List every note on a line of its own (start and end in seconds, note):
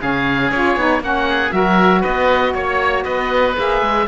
0.00 0.51 C#3
0.00 0.51 C#4
0.00 1.03 G#4
0.00 0.52 F5
0.51 0.77 C#4
0.51 0.79 F4
0.51 1.02 C#5
0.77 1.00 B3
0.77 1.01 D#4
1.00 1.51 A#3
1.00 1.50 C#4
1.00 1.29 F#4
1.00 1.52 F#5
1.29 1.55 G#4
1.50 2.04 F#3
1.50 3.53 F#4
1.50 2.01 A#4
1.50 2.03 E5
2.01 2.54 B3
2.01 2.52 B4
2.01 2.54 D#5
2.54 3.05 A#3
2.54 3.04 C#5
2.54 3.05 C#5
3.04 3.57 B3
3.04 4.06 B4
3.04 3.55 D#5
3.57 3.81 A#3
3.57 4.08 G#4
3.57 4.08 E5
3.81 4.07 G#3